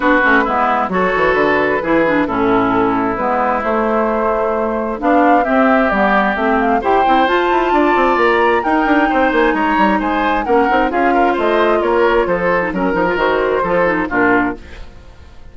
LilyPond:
<<
  \new Staff \with { instrumentName = "flute" } { \time 4/4 \tempo 4 = 132 b'2 cis''4 b'4~ | b'4 a'2 b'4 | c''2. f''4 | e''4 d''4 e''8 f''8 g''4 |
a''2 ais''4 g''4~ | g''8 gis''8 ais''4 gis''4 fis''4 | f''4 dis''4 cis''4 c''4 | ais'4 c''2 ais'4 | }
  \new Staff \with { instrumentName = "oboe" } { \time 4/4 fis'4 e'4 a'2 | gis'4 e'2.~ | e'2. d'4 | g'2. c''4~ |
c''4 d''2 ais'4 | c''4 cis''4 c''4 ais'4 | gis'8 ais'8 c''4 ais'4 a'4 | ais'2 a'4 f'4 | }
  \new Staff \with { instrumentName = "clarinet" } { \time 4/4 d'8 cis'8 b4 fis'2 | e'8 d'8 cis'2 b4 | a2. d'4 | c'4 b4 c'4 g'8 e'8 |
f'2. dis'4~ | dis'2. cis'8 dis'8 | f'2.~ f'8. dis'16 | cis'8 dis'16 f'16 fis'4 f'8 dis'8 d'4 | }
  \new Staff \with { instrumentName = "bassoon" } { \time 4/4 b8 a8 gis4 fis8 e8 d4 | e4 a,2 gis4 | a2. b4 | c'4 g4 a4 e'8 c'8 |
f'8 e'8 d'8 c'8 ais4 dis'8 d'8 | c'8 ais8 gis8 g8 gis4 ais8 c'8 | cis'4 a4 ais4 f4 | fis8 f8 dis4 f4 ais,4 | }
>>